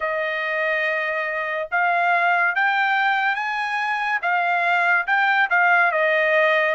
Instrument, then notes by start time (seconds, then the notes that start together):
trumpet
0.00 D#5
1.71 F5
2.55 G5
3.35 G#5
4.22 F5
5.06 G5
5.50 F5
5.92 D#5